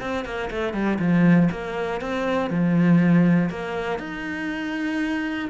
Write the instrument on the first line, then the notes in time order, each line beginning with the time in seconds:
cello
0.00 C4
0.25 A#3
0.50 A3
0.73 G3
0.99 F3
1.51 A#3
2.01 C4
2.50 F3
3.50 A#3
3.99 D#4